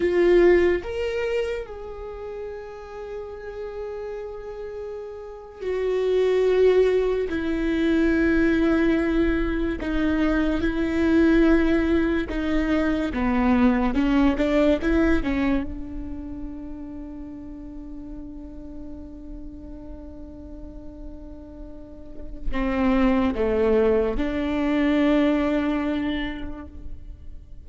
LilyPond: \new Staff \with { instrumentName = "viola" } { \time 4/4 \tempo 4 = 72 f'4 ais'4 gis'2~ | gis'2~ gis'8. fis'4~ fis'16~ | fis'8. e'2. dis'16~ | dis'8. e'2 dis'4 b16~ |
b8. cis'8 d'8 e'8 cis'8 d'4~ d'16~ | d'1~ | d'2. c'4 | a4 d'2. | }